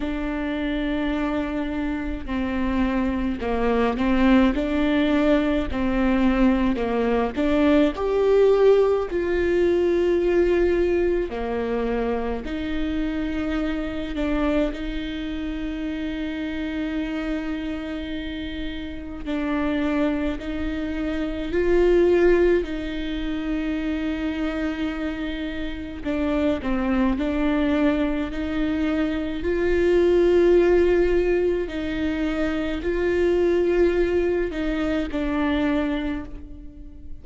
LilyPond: \new Staff \with { instrumentName = "viola" } { \time 4/4 \tempo 4 = 53 d'2 c'4 ais8 c'8 | d'4 c'4 ais8 d'8 g'4 | f'2 ais4 dis'4~ | dis'8 d'8 dis'2.~ |
dis'4 d'4 dis'4 f'4 | dis'2. d'8 c'8 | d'4 dis'4 f'2 | dis'4 f'4. dis'8 d'4 | }